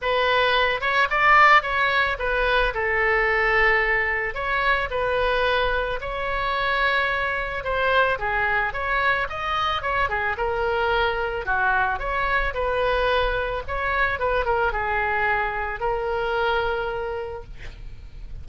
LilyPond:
\new Staff \with { instrumentName = "oboe" } { \time 4/4 \tempo 4 = 110 b'4. cis''8 d''4 cis''4 | b'4 a'2. | cis''4 b'2 cis''4~ | cis''2 c''4 gis'4 |
cis''4 dis''4 cis''8 gis'8 ais'4~ | ais'4 fis'4 cis''4 b'4~ | b'4 cis''4 b'8 ais'8 gis'4~ | gis'4 ais'2. | }